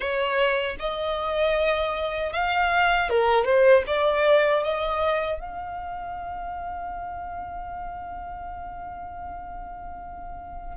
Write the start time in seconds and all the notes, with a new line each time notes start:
0.00 C#5
0.79 D#5
2.33 F5
3.09 A#4
3.44 C5
3.86 D5
4.63 D#5
5.40 F5